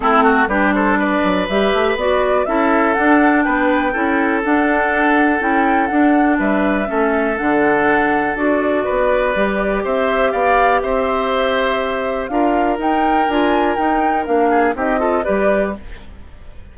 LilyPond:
<<
  \new Staff \with { instrumentName = "flute" } { \time 4/4 \tempo 4 = 122 a'4 b'8 c''8 d''4 e''4 | d''4 e''4 fis''4 g''4~ | g''4 fis''2 g''4 | fis''4 e''2 fis''4~ |
fis''4 d''2. | e''4 f''4 e''2~ | e''4 f''4 g''4 gis''4 | g''4 f''4 dis''4 d''4 | }
  \new Staff \with { instrumentName = "oboe" } { \time 4/4 e'8 fis'8 g'8 a'8 b'2~ | b'4 a'2 b'4 | a'1~ | a'4 b'4 a'2~ |
a'2 b'2 | c''4 d''4 c''2~ | c''4 ais'2.~ | ais'4. gis'8 g'8 a'8 b'4 | }
  \new Staff \with { instrumentName = "clarinet" } { \time 4/4 c'4 d'2 g'4 | fis'4 e'4 d'2 | e'4 d'2 e'4 | d'2 cis'4 d'4~ |
d'4 fis'2 g'4~ | g'1~ | g'4 f'4 dis'4 f'4 | dis'4 d'4 dis'8 f'8 g'4 | }
  \new Staff \with { instrumentName = "bassoon" } { \time 4/4 a4 g4. fis8 g8 a8 | b4 cis'4 d'4 b4 | cis'4 d'2 cis'4 | d'4 g4 a4 d4~ |
d4 d'4 b4 g4 | c'4 b4 c'2~ | c'4 d'4 dis'4 d'4 | dis'4 ais4 c'4 g4 | }
>>